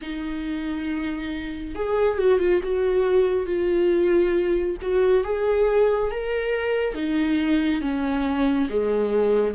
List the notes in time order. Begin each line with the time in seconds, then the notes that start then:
0.01 D#4
1.75 G#4
2.17 F#4
2.39 F4
2.63 F#4
3.46 F4
4.81 F#4
5.24 G#4
6.11 A#4
6.94 D#4
7.81 C#4
8.70 G#3